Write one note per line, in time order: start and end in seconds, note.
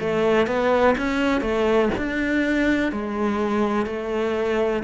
0.00 0.47 A3
0.47 0.95 B3
0.98 1.41 C#4
1.41 1.90 A3
1.98 2.92 D4
2.92 3.86 G#3
3.86 4.83 A3